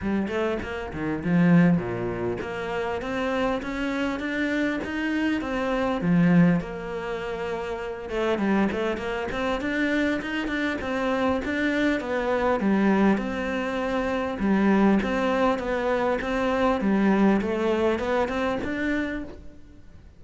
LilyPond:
\new Staff \with { instrumentName = "cello" } { \time 4/4 \tempo 4 = 100 g8 a8 ais8 dis8 f4 ais,4 | ais4 c'4 cis'4 d'4 | dis'4 c'4 f4 ais4~ | ais4. a8 g8 a8 ais8 c'8 |
d'4 dis'8 d'8 c'4 d'4 | b4 g4 c'2 | g4 c'4 b4 c'4 | g4 a4 b8 c'8 d'4 | }